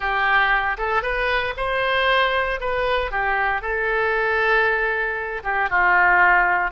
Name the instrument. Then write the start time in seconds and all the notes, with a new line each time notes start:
oboe
0.00 G4
0.77 A4
1.02 B4
1.56 C5
2.60 B4
3.11 G4
3.61 A4
5.43 G4
5.69 F4